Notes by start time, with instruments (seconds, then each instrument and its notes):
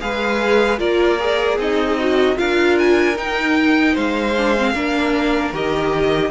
0.00 cello G#3, viola G#4, violin B4 F5
0.78 cello A#3, viola F4, violin A#4 D5
1.20 viola G#4
1.57 cello C4, violin D#4 D#5
1.99 viola F#4
2.36 cello D4, viola F4, violin A#4 F5
2.79 violin G#5
3.16 viola D#4, cello D#4, violin G5
3.93 cello G#3, violin C5 F5
4.37 viola D4
4.57 viola C4
4.74 cello A#3, viola D4, violin A#4
5.53 cello D#3, viola G4, violin D#5